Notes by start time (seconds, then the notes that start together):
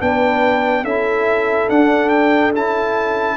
0.00 B3 D4 B4 G5
0.84 C#4 E4 A4 E5
1.69 D4 F#5
2.10 G5
2.53 C#4 E4 A5